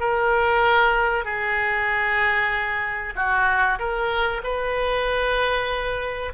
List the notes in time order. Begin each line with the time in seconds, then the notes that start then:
0.00 A#4
1.25 G#4
3.16 F#4
3.79 A#4
4.44 B4